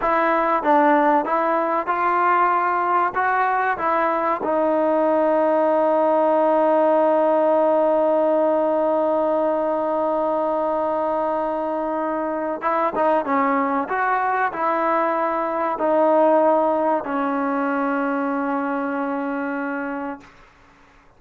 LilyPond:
\new Staff \with { instrumentName = "trombone" } { \time 4/4 \tempo 4 = 95 e'4 d'4 e'4 f'4~ | f'4 fis'4 e'4 dis'4~ | dis'1~ | dis'1~ |
dis'1 | e'8 dis'8 cis'4 fis'4 e'4~ | e'4 dis'2 cis'4~ | cis'1 | }